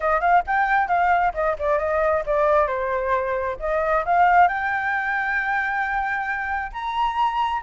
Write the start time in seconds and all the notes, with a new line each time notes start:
0.00 D#5
0.20 F5
0.46 G5
0.88 F5
1.34 D#5
1.58 D5
1.78 D#5
2.26 D5
2.67 C5
3.59 D#5
4.05 F5
4.48 G5
6.72 A#5